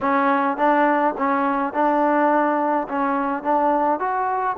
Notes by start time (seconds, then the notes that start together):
0.01 C#4
0.57 D4
1.17 C#4
1.73 D4
2.88 C#4
3.43 D4
3.99 F#4